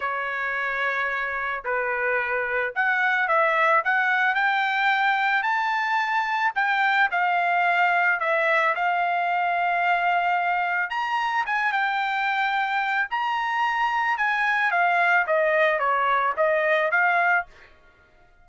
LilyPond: \new Staff \with { instrumentName = "trumpet" } { \time 4/4 \tempo 4 = 110 cis''2. b'4~ | b'4 fis''4 e''4 fis''4 | g''2 a''2 | g''4 f''2 e''4 |
f''1 | ais''4 gis''8 g''2~ g''8 | ais''2 gis''4 f''4 | dis''4 cis''4 dis''4 f''4 | }